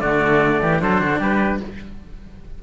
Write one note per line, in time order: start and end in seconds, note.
0.00 0.61 D3
0.00 0.79 A3
0.00 0.61 F#4
0.00 0.81 D5
0.61 0.82 E3
0.61 0.81 G4
0.79 1.02 F#3
0.79 1.60 D4
0.79 1.01 A4
0.79 1.22 C5
1.01 1.20 D3
1.01 1.18 F#4
1.18 1.60 G3
1.18 1.59 G4
1.18 1.63 B4